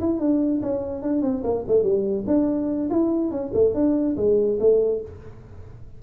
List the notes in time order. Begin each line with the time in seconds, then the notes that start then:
0.00 E4
0.19 D4
0.62 C#4
1.02 D4
1.21 C4
1.43 A#3
1.67 A3
1.83 G3
2.27 D4
2.90 E4
3.30 C#4
3.53 A3
3.74 D4
4.16 G#3
4.59 A3